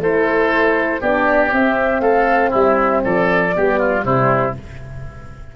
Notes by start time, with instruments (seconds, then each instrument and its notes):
0.00 tuba A3, horn E4, oboe A4, flute C5
1.01 tuba B3, horn D4, oboe G4, flute D5
1.53 tuba C4, horn C4, flute E5
2.01 tuba A3, oboe A4, flute F5
2.51 tuba G3, oboe E4, flute E5
3.05 tuba F3, oboe A4, flute D5
3.55 tuba G3, horn B3, oboe G4
3.80 oboe F4
4.03 tuba C3, horn G3, oboe E4, flute C5